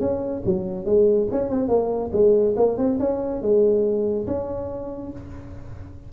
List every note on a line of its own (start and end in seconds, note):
0.00 0.42 C#4
0.45 0.85 F#3
0.85 1.28 G#3
1.31 1.49 C#4
1.49 1.68 C4
1.68 2.10 A#3
2.12 2.55 G#3
2.57 2.77 A#3
2.77 2.98 C4
2.99 3.41 C#4
3.42 4.26 G#3
4.27 5.11 C#4